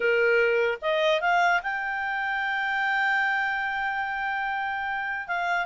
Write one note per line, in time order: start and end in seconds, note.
0.00 0.78 A#4
0.81 1.21 D#5
1.21 1.61 F5
1.62 5.27 G5
5.27 5.66 F5